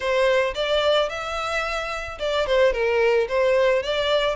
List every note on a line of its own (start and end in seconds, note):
0.00 0.53 C5
0.55 1.09 D5
1.09 2.18 E5
2.19 2.46 D5
2.46 2.72 C5
2.72 3.27 A#4
3.28 3.82 C5
3.82 4.35 D5